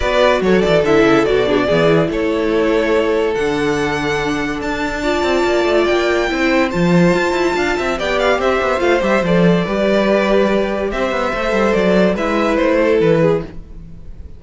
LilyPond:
<<
  \new Staff \with { instrumentName = "violin" } { \time 4/4 \tempo 4 = 143 d''4 cis''8 d''8 e''4 d''4~ | d''4 cis''2. | fis''2. a''4~ | a''2 g''2 |
a''2. g''8 f''8 | e''4 f''8 e''8 d''2~ | d''2 e''2 | d''4 e''4 c''4 b'4 | }
  \new Staff \with { instrumentName = "violin" } { \time 4/4 b'4 a'2~ a'8 gis'16 fis'16 | gis'4 a'2.~ | a'1 | d''2. c''4~ |
c''2 f''8 e''8 d''4 | c''2. b'4~ | b'2 c''2~ | c''4 b'4. a'4 gis'8 | }
  \new Staff \with { instrumentName = "viola" } { \time 4/4 fis'2 e'4 fis'8 d'8 | b8 e'2.~ e'8 | d'1 | f'2. e'4 |
f'2. g'4~ | g'4 f'8 g'8 a'4 g'4~ | g'2. a'4~ | a'4 e'2. | }
  \new Staff \with { instrumentName = "cello" } { \time 4/4 b4 fis8 e8 d8 cis8 b,4 | e4 a2. | d2. d'4~ | d'8 c'8 ais8 a8 ais4 c'4 |
f4 f'8 e'8 d'8 c'8 b4 | c'8 b8 a8 g8 f4 g4~ | g2 c'8 b8 a8 g8 | fis4 gis4 a4 e4 | }
>>